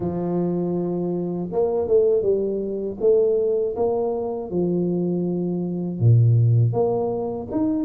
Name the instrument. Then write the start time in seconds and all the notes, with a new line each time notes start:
tuba
0.00 F3
1.52 A#3
1.88 A3
2.22 G3
3.00 A3
3.76 A#3
4.50 F3
5.99 A#2
6.72 A#3
7.51 D#4